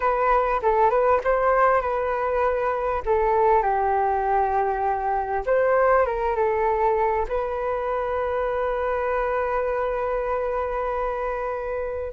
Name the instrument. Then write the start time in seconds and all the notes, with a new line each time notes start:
flute
0.00 B4
0.62 A4
0.90 B4
1.23 C5
1.81 B4
3.05 A4
3.62 G4
5.46 C5
6.06 A#4
6.35 A4
7.28 B4